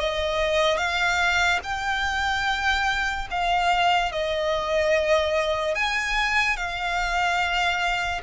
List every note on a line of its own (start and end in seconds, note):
0.00 0.78 D#5
0.78 1.60 F5
1.64 3.28 G5
3.31 4.12 F5
4.12 5.75 D#5
5.75 6.57 G#5
6.57 8.21 F5